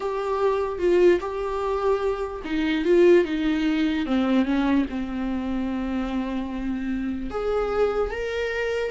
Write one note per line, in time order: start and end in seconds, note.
0.00 0.79 G4
0.79 1.19 F4
1.20 2.42 G4
2.44 2.84 D#4
2.84 3.25 F4
3.25 4.06 D#4
4.06 4.45 C4
4.45 4.85 C#4
4.89 7.30 C4
7.30 8.10 G#4
8.10 8.91 A#4